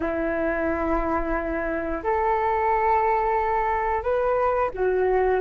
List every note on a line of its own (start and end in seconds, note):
0.00 2.02 E4
2.03 4.03 A4
4.03 4.70 B4
4.73 5.40 F#4